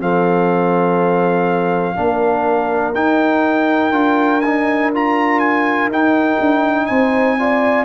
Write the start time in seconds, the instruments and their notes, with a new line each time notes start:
0.00 tuba F3, trombone C4, horn A4, trumpet F5
1.95 tuba A#3, trombone D4, horn A#4
2.94 tuba D#4, trombone D#4, trumpet G5
3.91 tuba D4, trombone F4
4.41 trombone D#4, trumpet G#5
4.94 trombone F4, trumpet A#5
5.39 trumpet G#5
5.88 tuba D#4, trombone D#4, trumpet G5
6.40 tuba D4
6.86 tuba C4, horn C5, trumpet G#5
7.39 trombone F4, horn D5